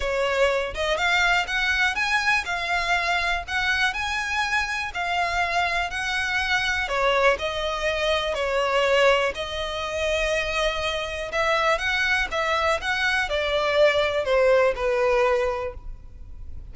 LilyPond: \new Staff \with { instrumentName = "violin" } { \time 4/4 \tempo 4 = 122 cis''4. dis''8 f''4 fis''4 | gis''4 f''2 fis''4 | gis''2 f''2 | fis''2 cis''4 dis''4~ |
dis''4 cis''2 dis''4~ | dis''2. e''4 | fis''4 e''4 fis''4 d''4~ | d''4 c''4 b'2 | }